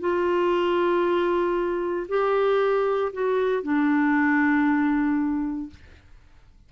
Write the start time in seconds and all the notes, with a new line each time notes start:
0.00 F4
2.09 G4
3.13 F#4
3.63 D4